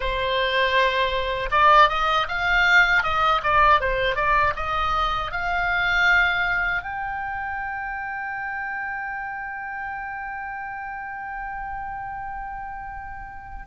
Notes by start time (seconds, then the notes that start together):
0.00 C5
1.51 D5
1.89 D#5
2.28 F5
3.03 D#5
3.43 D5
3.80 C5
4.15 D5
4.56 D#5
5.31 F5
6.82 G5